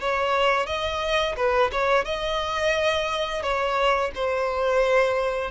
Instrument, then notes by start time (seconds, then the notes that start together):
violin
0.00 C#5
0.66 D#5
1.36 B4
1.71 C#5
2.05 D#5
3.42 C#5
4.14 C5